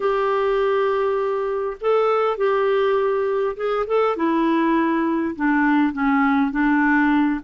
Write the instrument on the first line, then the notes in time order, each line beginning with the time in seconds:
clarinet
0.00 G4
1.80 A4
2.37 G4
3.56 G#4
3.86 A4
4.16 E4
5.35 D4
5.92 C#4
6.51 D4